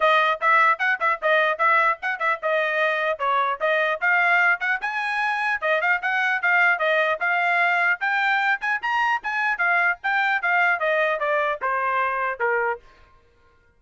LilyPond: \new Staff \with { instrumentName = "trumpet" } { \time 4/4 \tempo 4 = 150 dis''4 e''4 fis''8 e''8 dis''4 | e''4 fis''8 e''8 dis''2 | cis''4 dis''4 f''4. fis''8 | gis''2 dis''8 f''8 fis''4 |
f''4 dis''4 f''2 | g''4. gis''8 ais''4 gis''4 | f''4 g''4 f''4 dis''4 | d''4 c''2 ais'4 | }